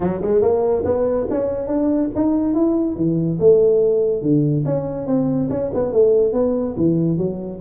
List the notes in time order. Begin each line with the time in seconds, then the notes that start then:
0.00 F#3
0.21 G#3
0.41 A#3
0.85 B3
1.30 C#4
1.67 D4
2.15 D#4
2.54 E4
2.96 E3
3.39 A3
4.22 D3
4.65 C#4
5.06 C4
5.49 C#4
5.73 B3
5.92 A3
6.33 B3
6.77 E3
7.17 F#3